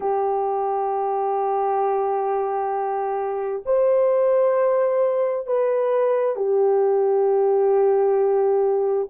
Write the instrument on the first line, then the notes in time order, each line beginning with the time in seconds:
horn
0.00 G4
3.65 C5
5.46 B4
6.36 G4